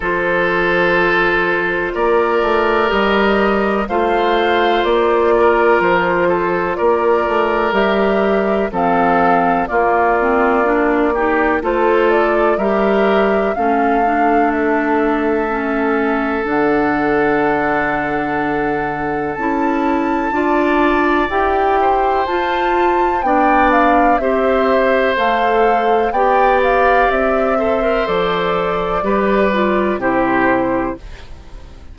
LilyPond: <<
  \new Staff \with { instrumentName = "flute" } { \time 4/4 \tempo 4 = 62 c''2 d''4 dis''4 | f''4 d''4 c''4 d''4 | e''4 f''4 d''2 | c''8 d''8 e''4 f''4 e''4~ |
e''4 fis''2. | a''2 g''4 a''4 | g''8 f''8 e''4 f''4 g''8 f''8 | e''4 d''2 c''4 | }
  \new Staff \with { instrumentName = "oboe" } { \time 4/4 a'2 ais'2 | c''4. ais'4 a'8 ais'4~ | ais'4 a'4 f'4. g'8 | a'4 ais'4 a'2~ |
a'1~ | a'4 d''4. c''4. | d''4 c''2 d''4~ | d''8 c''4. b'4 g'4 | }
  \new Staff \with { instrumentName = "clarinet" } { \time 4/4 f'2. g'4 | f'1 | g'4 c'4 ais8 c'8 d'8 dis'8 | f'4 g'4 cis'8 d'4. |
cis'4 d'2. | e'4 f'4 g'4 f'4 | d'4 g'4 a'4 g'4~ | g'8 a'16 ais'16 a'4 g'8 f'8 e'4 | }
  \new Staff \with { instrumentName = "bassoon" } { \time 4/4 f2 ais8 a8 g4 | a4 ais4 f4 ais8 a8 | g4 f4 ais2 | a4 g4 a2~ |
a4 d2. | cis'4 d'4 e'4 f'4 | b4 c'4 a4 b4 | c'4 f4 g4 c4 | }
>>